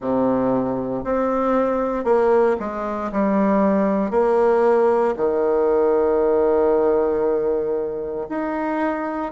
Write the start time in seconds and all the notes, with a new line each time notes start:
0.00 C3
1.03 C4
2.04 A#3
2.59 G#3
3.11 G3
4.11 A#3
5.17 D#3
8.29 D#4